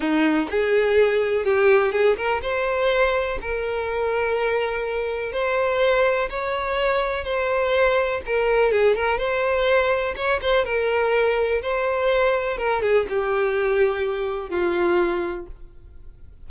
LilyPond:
\new Staff \with { instrumentName = "violin" } { \time 4/4 \tempo 4 = 124 dis'4 gis'2 g'4 | gis'8 ais'8 c''2 ais'4~ | ais'2. c''4~ | c''4 cis''2 c''4~ |
c''4 ais'4 gis'8 ais'8 c''4~ | c''4 cis''8 c''8 ais'2 | c''2 ais'8 gis'8 g'4~ | g'2 f'2 | }